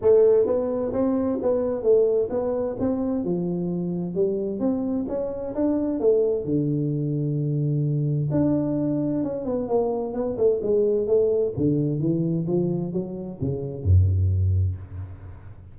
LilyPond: \new Staff \with { instrumentName = "tuba" } { \time 4/4 \tempo 4 = 130 a4 b4 c'4 b4 | a4 b4 c'4 f4~ | f4 g4 c'4 cis'4 | d'4 a4 d2~ |
d2 d'2 | cis'8 b8 ais4 b8 a8 gis4 | a4 d4 e4 f4 | fis4 cis4 fis,2 | }